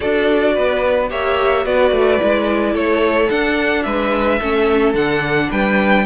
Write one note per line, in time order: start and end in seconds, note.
0.00 0.57 D4
0.00 1.08 F#4
0.00 0.53 A4
0.00 1.09 D5
0.54 1.11 B3
0.54 1.09 B4
1.09 1.65 A#3
1.09 1.64 G4
1.09 1.65 C#5
1.09 1.65 E5
1.64 1.91 B3
1.64 2.18 F#4
1.64 2.73 B4
1.64 2.75 D5
1.91 2.18 A3
2.18 2.74 G#3
2.18 3.28 E4
2.73 3.29 A3
2.73 3.83 A4
2.73 3.30 C#5
3.30 4.40 D4
3.30 3.85 D4
3.30 3.82 F#5
3.82 4.40 G#3
3.82 4.39 B4
3.82 4.92 E5
4.39 4.94 A3
4.39 4.95 C#4
4.39 5.50 A4
4.94 5.49 D3
4.94 6.05 D4
4.94 5.50 F#5
5.50 6.05 G3
5.50 6.05 B4
5.50 6.05 G5